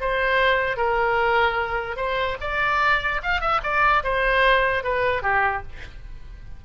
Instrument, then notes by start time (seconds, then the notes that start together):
oboe
0.00 C5
0.76 A#4
1.96 C5
2.40 D5
3.22 F5
3.40 E5
3.63 D5
4.03 C5
4.83 B4
5.22 G4